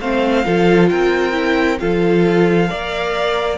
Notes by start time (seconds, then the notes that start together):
0.00 A3 C4 C5 F5
0.45 F3 F4 A4
0.89 C4 A#4 G5
1.32 E4
1.80 F3 F4 A4 F5
2.68 A#3 A#4 D5